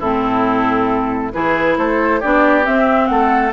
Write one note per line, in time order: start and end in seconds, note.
0.00 1.33 A2
0.00 1.33 C4
0.00 1.32 E4
0.00 1.33 A4
1.33 1.78 E3
1.33 2.22 E4
1.33 1.79 G#4
1.33 1.77 B4
1.78 2.22 A3
1.78 2.20 A4
1.78 2.21 C5
2.20 2.68 B3
2.20 2.64 D4
2.20 3.09 G4
2.20 2.65 D5
2.64 3.52 C4
2.64 3.10 C4
2.64 3.07 E5
3.07 3.53 A3
3.07 3.53 A4
3.07 3.52 F#5